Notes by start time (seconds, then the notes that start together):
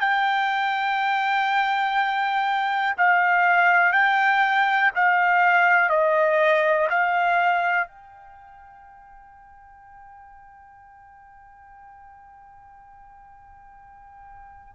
0.00 G5
2.97 F5
3.93 G5
4.95 F5
5.89 D#5
6.89 F5
7.87 G5